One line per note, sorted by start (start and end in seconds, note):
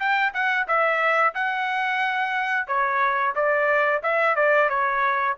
0.00 0.33 G5
0.34 0.67 F#5
0.68 1.35 E5
1.35 2.68 F#5
2.68 3.34 C#5
3.36 4.02 D5
4.03 4.36 E5
4.36 4.70 D5
4.70 5.36 C#5